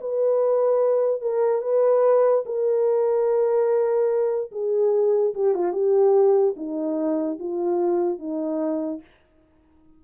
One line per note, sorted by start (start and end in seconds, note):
0.00 1.21 B4
1.21 1.61 A#4
1.61 2.44 B4
2.45 4.51 A#4
4.51 5.33 G#4
5.34 5.54 G4
5.54 5.72 F4
5.72 6.54 G4
6.56 7.38 D#4
7.39 8.19 F4
8.19 9.01 D#4